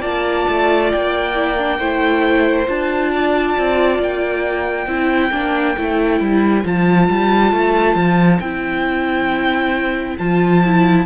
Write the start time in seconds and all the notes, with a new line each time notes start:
0.00 A#3 F4 D5 A5
0.49 A3
0.92 A#3 G5
1.35 E4
1.58 D4
1.79 A3 E4 C5
2.67 D4 F4 A5
3.13 D5
3.58 C4
3.99 A#3 G5
4.87 C4 E4 C5
5.32 A#3 D4
5.78 A3 E4
6.21 G3
6.64 F3 F4 A5
7.10 G3
7.53 A3
7.96 F3
8.40 C4 E4 G5
10.19 F3 F4 A5
10.65 E4